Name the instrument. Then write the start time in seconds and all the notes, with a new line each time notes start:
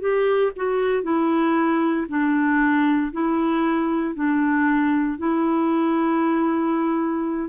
clarinet
0.00 G4
0.56 F#4
1.03 E4
2.09 D4
3.13 E4
4.15 D4
5.19 E4